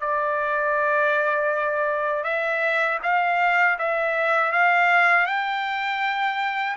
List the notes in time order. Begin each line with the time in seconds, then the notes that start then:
0.00 D5
2.23 E5
3.02 F5
3.78 E5
4.52 F5
5.26 G5